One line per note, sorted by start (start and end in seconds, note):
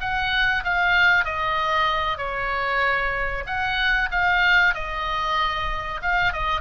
0.00 0.63 F#5
0.63 1.25 F5
1.25 2.17 D#5
2.17 3.44 C#5
3.46 4.09 F#5
4.11 4.74 F5
4.74 6.01 D#5
6.02 6.33 F5
6.33 6.60 D#5